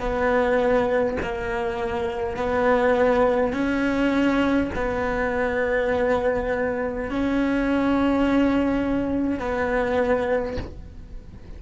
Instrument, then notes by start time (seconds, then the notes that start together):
cello
0.00 B3
1.22 A#3
2.37 B3
3.53 C#4
4.75 B3
7.10 C#4
9.40 B3